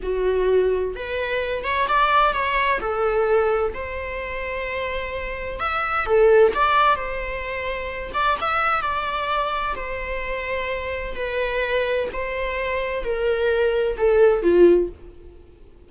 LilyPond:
\new Staff \with { instrumentName = "viola" } { \time 4/4 \tempo 4 = 129 fis'2 b'4. cis''8 | d''4 cis''4 a'2 | c''1 | e''4 a'4 d''4 c''4~ |
c''4. d''8 e''4 d''4~ | d''4 c''2. | b'2 c''2 | ais'2 a'4 f'4 | }